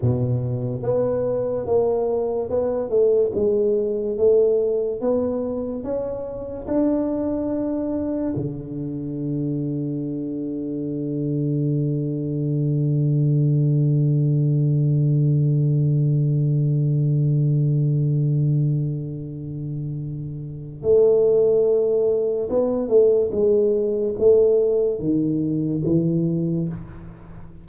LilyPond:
\new Staff \with { instrumentName = "tuba" } { \time 4/4 \tempo 4 = 72 b,4 b4 ais4 b8 a8 | gis4 a4 b4 cis'4 | d'2 d2~ | d1~ |
d1~ | d1~ | d4 a2 b8 a8 | gis4 a4 dis4 e4 | }